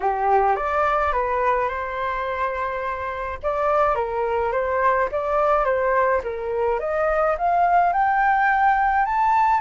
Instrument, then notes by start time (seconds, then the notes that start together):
flute
0.00 G4
0.56 D5
1.12 B4
1.69 C5
3.42 D5
3.95 A#4
4.52 C5
5.11 D5
5.64 C5
6.23 A#4
6.79 D#5
7.37 F5
7.92 G5
9.05 A5